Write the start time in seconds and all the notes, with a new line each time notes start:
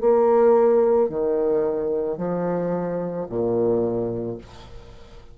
0.00 A#3
1.09 D#3
2.18 F3
3.29 A#2